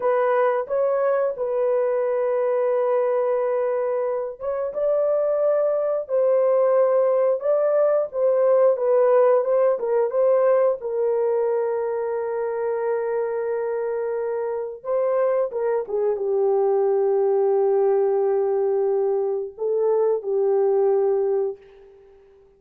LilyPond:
\new Staff \with { instrumentName = "horn" } { \time 4/4 \tempo 4 = 89 b'4 cis''4 b'2~ | b'2~ b'8 cis''8 d''4~ | d''4 c''2 d''4 | c''4 b'4 c''8 ais'8 c''4 |
ais'1~ | ais'2 c''4 ais'8 gis'8 | g'1~ | g'4 a'4 g'2 | }